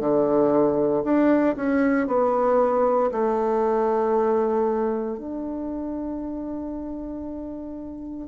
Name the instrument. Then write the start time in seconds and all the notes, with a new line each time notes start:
bassoon
0.00 D3
1.04 D4
1.56 C#4
2.08 B3
3.12 A3
5.18 D4